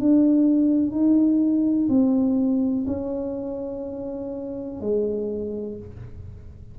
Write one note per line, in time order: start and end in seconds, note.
0.00 0.91 D4
0.91 1.88 D#4
1.89 2.86 C4
2.87 4.81 C#4
4.81 5.78 G#3